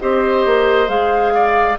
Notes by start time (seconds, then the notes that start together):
0.00 C4 G4 C5 D#5
0.45 A#3
0.87 G#3 G#4 F5
1.34 D5